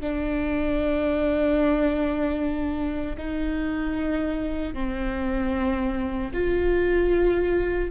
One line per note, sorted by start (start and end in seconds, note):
0.00 3.16 D4
3.18 4.73 D#4
4.73 6.31 C4
6.34 7.91 F4